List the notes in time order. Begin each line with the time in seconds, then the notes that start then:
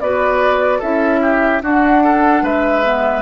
0.00 B3 F#4 B4 D5
0.79 C#4 E4 A4 E5
1.22 G4
1.62 D4 F#4 F#5
2.04 A4
2.42 G#3 B4 E5
2.83 B3